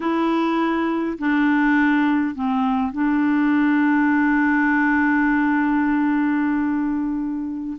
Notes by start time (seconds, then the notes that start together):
0.00 E4
1.18 D4
2.34 C4
2.92 D4